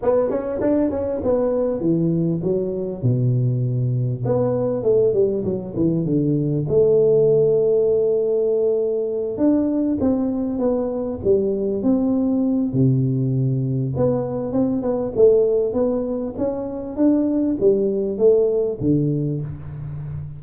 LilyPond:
\new Staff \with { instrumentName = "tuba" } { \time 4/4 \tempo 4 = 99 b8 cis'8 d'8 cis'8 b4 e4 | fis4 b,2 b4 | a8 g8 fis8 e8 d4 a4~ | a2.~ a8 d'8~ |
d'8 c'4 b4 g4 c'8~ | c'4 c2 b4 | c'8 b8 a4 b4 cis'4 | d'4 g4 a4 d4 | }